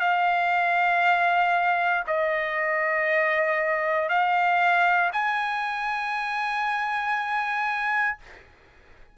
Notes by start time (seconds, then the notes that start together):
0.00 F5
2.07 D#5
4.09 F5
5.12 G#5